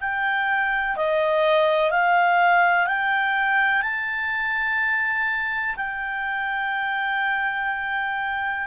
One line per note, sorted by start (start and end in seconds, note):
0.00 0.96 G5
0.96 1.90 D#5
1.90 2.86 F5
2.86 3.82 G5
3.82 5.75 A5
5.76 8.67 G5